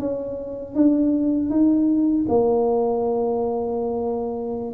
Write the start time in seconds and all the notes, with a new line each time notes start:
0.00 C#4
0.75 D4
1.50 D#4
2.29 A#3